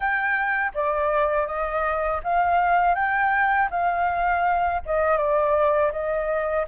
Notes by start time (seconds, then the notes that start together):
0.00 G5
0.74 D5
1.46 D#5
2.23 F5
2.94 G5
3.70 F5
4.85 D#5
5.17 D5
5.92 D#5